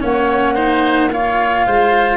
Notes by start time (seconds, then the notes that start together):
0.00 A#3 C#4 C#5 F#5
0.54 D#4 C5
1.12 F4 C#5 F5
1.66 G#3 C5